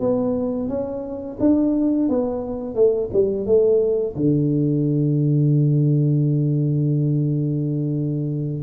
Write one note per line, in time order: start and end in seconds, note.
0.00 0.69 B3
0.69 1.38 C#4
1.40 2.09 D4
2.09 2.76 B3
2.76 3.10 A3
3.13 3.46 G3
3.46 4.15 A3
4.16 8.63 D3